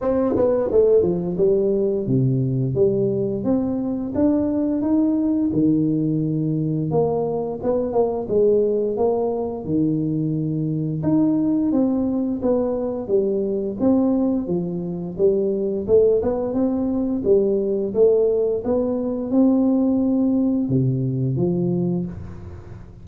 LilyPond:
\new Staff \with { instrumentName = "tuba" } { \time 4/4 \tempo 4 = 87 c'8 b8 a8 f8 g4 c4 | g4 c'4 d'4 dis'4 | dis2 ais4 b8 ais8 | gis4 ais4 dis2 |
dis'4 c'4 b4 g4 | c'4 f4 g4 a8 b8 | c'4 g4 a4 b4 | c'2 c4 f4 | }